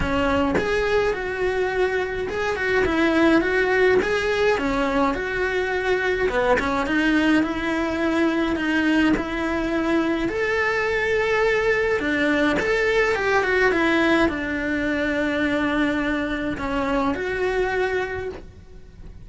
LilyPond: \new Staff \with { instrumentName = "cello" } { \time 4/4 \tempo 4 = 105 cis'4 gis'4 fis'2 | gis'8 fis'8 e'4 fis'4 gis'4 | cis'4 fis'2 b8 cis'8 | dis'4 e'2 dis'4 |
e'2 a'2~ | a'4 d'4 a'4 g'8 fis'8 | e'4 d'2.~ | d'4 cis'4 fis'2 | }